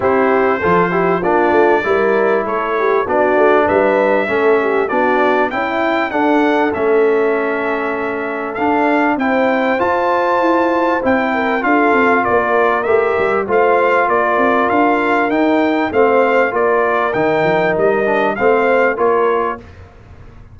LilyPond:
<<
  \new Staff \with { instrumentName = "trumpet" } { \time 4/4 \tempo 4 = 98 c''2 d''2 | cis''4 d''4 e''2 | d''4 g''4 fis''4 e''4~ | e''2 f''4 g''4 |
a''2 g''4 f''4 | d''4 e''4 f''4 d''4 | f''4 g''4 f''4 d''4 | g''4 dis''4 f''4 cis''4 | }
  \new Staff \with { instrumentName = "horn" } { \time 4/4 g'4 a'8 g'8 f'4 ais'4 | a'8 g'8 fis'4 b'4 a'8 g'8 | fis'4 e'4 a'2~ | a'2. c''4~ |
c''2~ c''8 ais'8 a'4 | ais'2 c''4 ais'4~ | ais'2 c''4 ais'4~ | ais'2 c''4 ais'4 | }
  \new Staff \with { instrumentName = "trombone" } { \time 4/4 e'4 f'8 e'8 d'4 e'4~ | e'4 d'2 cis'4 | d'4 e'4 d'4 cis'4~ | cis'2 d'4 e'4 |
f'2 e'4 f'4~ | f'4 g'4 f'2~ | f'4 dis'4 c'4 f'4 | dis'4. d'8 c'4 f'4 | }
  \new Staff \with { instrumentName = "tuba" } { \time 4/4 c'4 f4 ais8 a8 g4 | a4 b8 a8 g4 a4 | b4 cis'4 d'4 a4~ | a2 d'4 c'4 |
f'4 e'4 c'4 d'8 c'8 | ais4 a8 g8 a4 ais8 c'8 | d'4 dis'4 a4 ais4 | dis8 f8 g4 a4 ais4 | }
>>